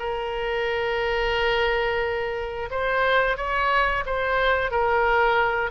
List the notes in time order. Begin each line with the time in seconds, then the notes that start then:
0.00 A#4
2.71 C5
3.37 C#5
4.06 C5
4.72 A#4